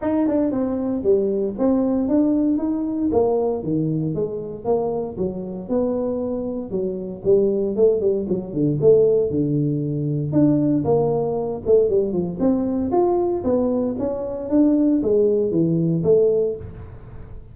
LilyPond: \new Staff \with { instrumentName = "tuba" } { \time 4/4 \tempo 4 = 116 dis'8 d'8 c'4 g4 c'4 | d'4 dis'4 ais4 dis4 | gis4 ais4 fis4 b4~ | b4 fis4 g4 a8 g8 |
fis8 d8 a4 d2 | d'4 ais4. a8 g8 f8 | c'4 f'4 b4 cis'4 | d'4 gis4 e4 a4 | }